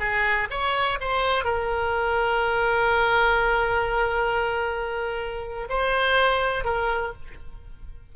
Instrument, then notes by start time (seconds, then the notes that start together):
oboe
0.00 G#4
0.51 C#5
1.01 C5
1.45 A#4
5.69 C5
6.64 A#4